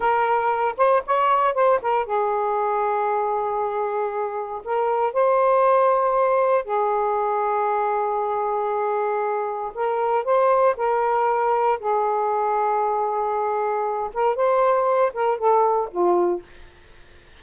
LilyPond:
\new Staff \with { instrumentName = "saxophone" } { \time 4/4 \tempo 4 = 117 ais'4. c''8 cis''4 c''8 ais'8 | gis'1~ | gis'4 ais'4 c''2~ | c''4 gis'2.~ |
gis'2. ais'4 | c''4 ais'2 gis'4~ | gis'2.~ gis'8 ais'8 | c''4. ais'8 a'4 f'4 | }